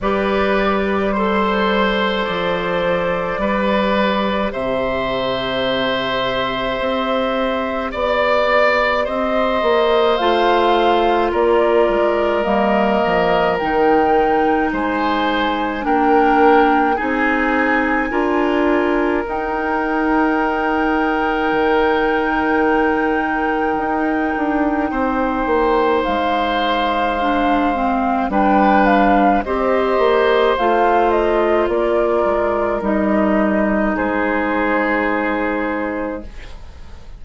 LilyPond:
<<
  \new Staff \with { instrumentName = "flute" } { \time 4/4 \tempo 4 = 53 d''4 c''4 d''2 | e''2. d''4 | dis''4 f''4 d''4 dis''4 | g''4 gis''4 g''4 gis''4~ |
gis''4 g''2.~ | g''2. f''4~ | f''4 g''8 f''8 dis''4 f''8 dis''8 | d''4 dis''4 c''2 | }
  \new Staff \with { instrumentName = "oboe" } { \time 4/4 b'4 c''2 b'4 | c''2. d''4 | c''2 ais'2~ | ais'4 c''4 ais'4 gis'4 |
ais'1~ | ais'2 c''2~ | c''4 b'4 c''2 | ais'2 gis'2 | }
  \new Staff \with { instrumentName = "clarinet" } { \time 4/4 g'4 a'2 g'4~ | g'1~ | g'4 f'2 ais4 | dis'2 d'4 dis'4 |
f'4 dis'2.~ | dis'1 | d'8 c'8 d'4 g'4 f'4~ | f'4 dis'2. | }
  \new Staff \with { instrumentName = "bassoon" } { \time 4/4 g2 f4 g4 | c2 c'4 b4 | c'8 ais8 a4 ais8 gis8 g8 f8 | dis4 gis4 ais4 c'4 |
d'4 dis'2 dis4~ | dis4 dis'8 d'8 c'8 ais8 gis4~ | gis4 g4 c'8 ais8 a4 | ais8 gis8 g4 gis2 | }
>>